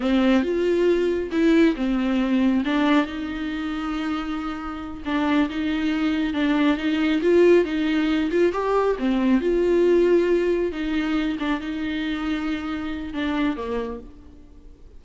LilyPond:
\new Staff \with { instrumentName = "viola" } { \time 4/4 \tempo 4 = 137 c'4 f'2 e'4 | c'2 d'4 dis'4~ | dis'2.~ dis'8 d'8~ | d'8 dis'2 d'4 dis'8~ |
dis'8 f'4 dis'4. f'8 g'8~ | g'8 c'4 f'2~ f'8~ | f'8 dis'4. d'8 dis'4.~ | dis'2 d'4 ais4 | }